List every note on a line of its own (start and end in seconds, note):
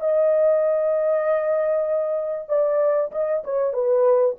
0.00 2.49 D#5
2.49 3.11 D5
3.11 3.43 D#5
3.43 3.73 C#5
3.73 4.36 B4